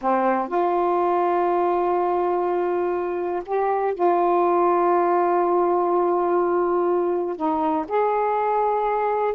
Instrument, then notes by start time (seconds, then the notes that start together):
saxophone
0.01 C4
0.47 F4
3.45 G4
3.94 F4
7.36 D#4
7.88 G#4